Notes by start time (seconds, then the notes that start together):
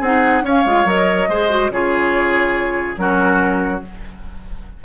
0.00 C4 D#4 G#4 F#5
0.42 C#4 C#5 F5
0.65 G#3 F4
0.85 F#3 A#4 D#5
1.28 G#3 G#4 C5
1.49 F#4
1.70 C#3 F4 G#4 C#5
2.97 F#3 C#4 F#4 A#4